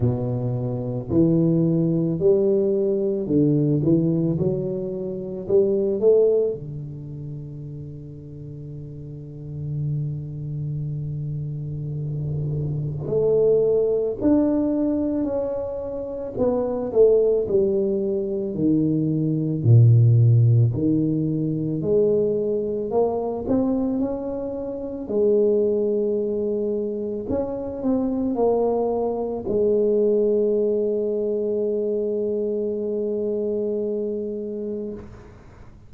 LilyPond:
\new Staff \with { instrumentName = "tuba" } { \time 4/4 \tempo 4 = 55 b,4 e4 g4 d8 e8 | fis4 g8 a8 d2~ | d1 | a4 d'4 cis'4 b8 a8 |
g4 dis4 ais,4 dis4 | gis4 ais8 c'8 cis'4 gis4~ | gis4 cis'8 c'8 ais4 gis4~ | gis1 | }